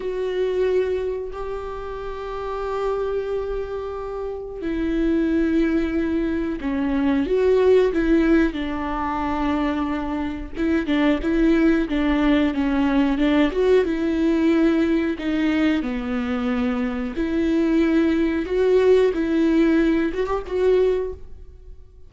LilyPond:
\new Staff \with { instrumentName = "viola" } { \time 4/4 \tempo 4 = 91 fis'2 g'2~ | g'2. e'4~ | e'2 cis'4 fis'4 | e'4 d'2. |
e'8 d'8 e'4 d'4 cis'4 | d'8 fis'8 e'2 dis'4 | b2 e'2 | fis'4 e'4. fis'16 g'16 fis'4 | }